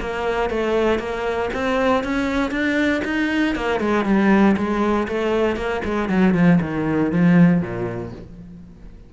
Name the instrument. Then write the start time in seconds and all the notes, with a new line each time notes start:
cello
0.00 A#3
0.49 A3
0.98 A#3
1.53 C4
2.03 C#4
2.51 D4
3.04 D#4
3.55 A#3
3.80 G#3
4.05 G3
4.56 G#3
5.07 A3
5.56 A#3
5.85 G#3
6.09 F#3
6.34 F3
6.61 D#3
7.11 F3
7.61 A#2